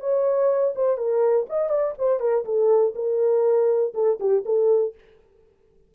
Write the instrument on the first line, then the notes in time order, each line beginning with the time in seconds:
horn
0.00 C#5
0.75 C5
0.97 A#4
1.49 D#5
1.69 D5
1.98 C5
2.20 A#4
2.45 A4
2.95 A#4
3.94 A4
4.19 G4
4.45 A4